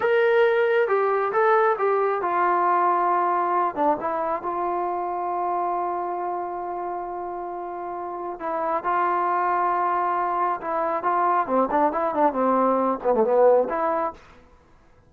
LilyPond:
\new Staff \with { instrumentName = "trombone" } { \time 4/4 \tempo 4 = 136 ais'2 g'4 a'4 | g'4 f'2.~ | f'8 d'8 e'4 f'2~ | f'1~ |
f'2. e'4 | f'1 | e'4 f'4 c'8 d'8 e'8 d'8 | c'4. b16 a16 b4 e'4 | }